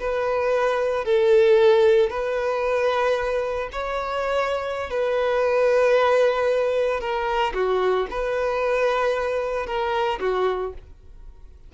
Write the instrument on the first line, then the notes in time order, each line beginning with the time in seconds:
violin
0.00 B4
1.05 A4
2.10 B4
3.72 C#5
4.90 B4
7.00 A#4
7.54 F#4
8.10 B4
9.66 A#4
10.20 F#4